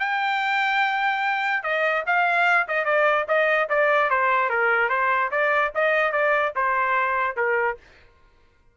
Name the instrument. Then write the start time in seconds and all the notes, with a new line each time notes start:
trumpet
0.00 G5
1.63 D#5
2.07 F5
2.68 D#5
2.85 D5
3.28 D#5
3.70 D5
4.10 C5
4.50 A#4
4.89 C5
5.32 D5
5.75 D#5
6.12 D5
6.56 C5
7.37 A#4